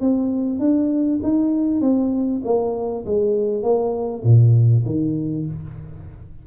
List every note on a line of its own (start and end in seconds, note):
0.00 0.59 C4
0.59 1.20 D4
1.23 1.80 D#4
1.80 2.41 C4
2.44 3.05 A#3
3.05 3.62 G#3
3.62 4.23 A#3
4.23 4.84 A#2
4.85 5.46 D#3